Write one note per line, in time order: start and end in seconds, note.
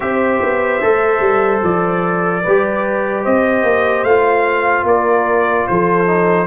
0.00 0.42 C4
0.00 0.81 G4
0.00 2.43 C5
0.00 1.61 E5
0.42 0.82 B3
0.81 1.19 A3
0.81 2.43 A4
1.19 1.60 G3
1.63 2.44 F3
1.63 3.24 D5
2.43 3.26 G3
2.43 4.08 G4
2.43 3.23 B4
3.23 3.63 C4
3.23 4.85 C5
3.23 4.04 D#5
3.63 4.03 A#3
4.03 4.83 A3
4.03 6.06 F4
4.03 4.85 F5
4.83 5.64 A#3
4.83 5.67 A#4
4.83 5.66 D5
5.66 6.46 F3
5.66 6.46 A4
5.66 6.46 C5
6.06 6.46 D#4